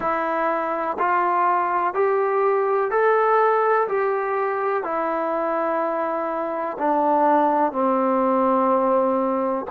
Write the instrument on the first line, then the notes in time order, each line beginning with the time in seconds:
trombone
0.00 E4
0.99 F4
1.94 G4
2.90 A4
3.88 G4
4.83 E4
6.78 D4
7.72 C4